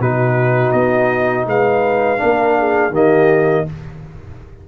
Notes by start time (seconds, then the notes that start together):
0.00 B2 D#4 F#4 B4
0.72 B3 D#5
1.46 G#3 B4 F5
2.18 A#3 D4 A#4
2.59 G#4
2.90 D#3 A#3 G4 D#5